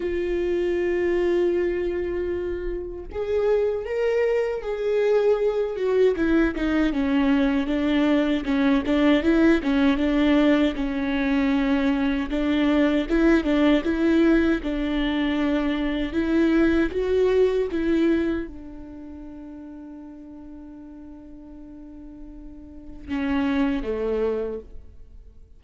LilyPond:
\new Staff \with { instrumentName = "viola" } { \time 4/4 \tempo 4 = 78 f'1 | gis'4 ais'4 gis'4. fis'8 | e'8 dis'8 cis'4 d'4 cis'8 d'8 | e'8 cis'8 d'4 cis'2 |
d'4 e'8 d'8 e'4 d'4~ | d'4 e'4 fis'4 e'4 | d'1~ | d'2 cis'4 a4 | }